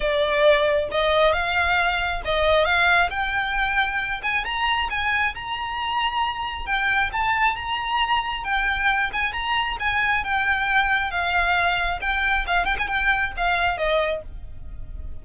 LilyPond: \new Staff \with { instrumentName = "violin" } { \time 4/4 \tempo 4 = 135 d''2 dis''4 f''4~ | f''4 dis''4 f''4 g''4~ | g''4. gis''8 ais''4 gis''4 | ais''2. g''4 |
a''4 ais''2 g''4~ | g''8 gis''8 ais''4 gis''4 g''4~ | g''4 f''2 g''4 | f''8 g''16 gis''16 g''4 f''4 dis''4 | }